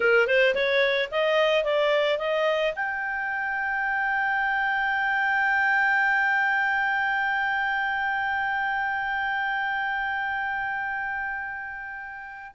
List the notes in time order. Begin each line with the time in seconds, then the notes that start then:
0.00 A#4
0.27 C5
0.55 C#5
1.11 D#5
1.64 D5
2.18 D#5
2.75 G5